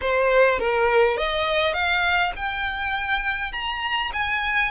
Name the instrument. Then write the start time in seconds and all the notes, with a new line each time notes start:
violin
0.01 C5
0.59 A#4
1.17 D#5
1.73 F5
2.36 G5
3.52 A#5
4.13 G#5